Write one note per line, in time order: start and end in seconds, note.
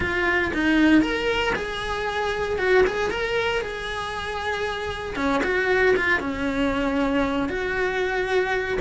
0.00 0.51 F4
0.53 1.01 D#4
1.01 1.53 A#4
1.55 2.58 G#4
2.58 2.84 F#4
2.86 3.10 G#4
3.10 3.61 A#4
3.61 5.16 G#4
5.16 5.41 C#4
5.43 5.95 F#4
5.96 6.20 F4
6.20 7.48 C#4
7.48 8.78 F#4